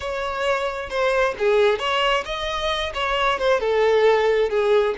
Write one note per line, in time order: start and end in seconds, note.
0.00 0.89 C#5
0.89 1.34 C5
1.38 1.79 G#4
1.79 2.24 C#5
2.25 2.92 D#5
2.94 3.39 C#5
3.39 3.60 C5
3.60 4.49 A4
4.49 4.94 G#4